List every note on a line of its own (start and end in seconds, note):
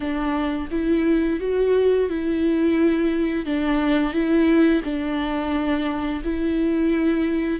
0.00 0.68 D4
0.71 1.39 E4
1.40 2.09 F#4
2.09 3.45 E4
3.45 4.13 D4
4.13 4.82 E4
4.84 6.22 D4
6.24 7.60 E4